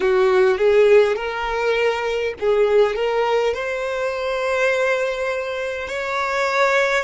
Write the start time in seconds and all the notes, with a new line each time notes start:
0.00 F#4
0.57 G#4
1.16 A#4
2.39 G#4
2.95 A#4
3.53 C5
5.88 C#5